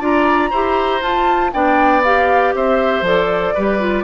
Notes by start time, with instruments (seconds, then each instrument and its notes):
0.00 bassoon D4, clarinet F4, oboe D5, flute A#5
0.50 bassoon E4, clarinet G4, oboe C5
1.01 clarinet F4, bassoon F4, flute A5
1.53 bassoon B3, clarinet D4, oboe D5, flute G5
2.03 clarinet G4, flute F5
2.54 bassoon C4, oboe C5, flute E5
3.01 bassoon F3, clarinet A4, flute D5
3.54 bassoon G3, clarinet G4, oboe B4
3.79 clarinet F4